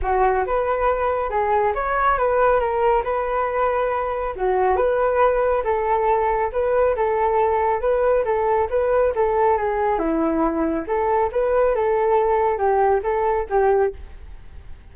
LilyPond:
\new Staff \with { instrumentName = "flute" } { \time 4/4 \tempo 4 = 138 fis'4 b'2 gis'4 | cis''4 b'4 ais'4 b'4~ | b'2 fis'4 b'4~ | b'4 a'2 b'4 |
a'2 b'4 a'4 | b'4 a'4 gis'4 e'4~ | e'4 a'4 b'4 a'4~ | a'4 g'4 a'4 g'4 | }